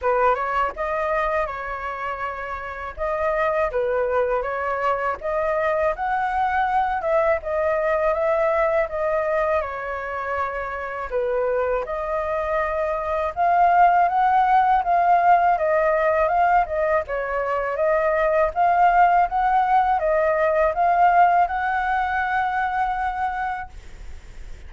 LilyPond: \new Staff \with { instrumentName = "flute" } { \time 4/4 \tempo 4 = 81 b'8 cis''8 dis''4 cis''2 | dis''4 b'4 cis''4 dis''4 | fis''4. e''8 dis''4 e''4 | dis''4 cis''2 b'4 |
dis''2 f''4 fis''4 | f''4 dis''4 f''8 dis''8 cis''4 | dis''4 f''4 fis''4 dis''4 | f''4 fis''2. | }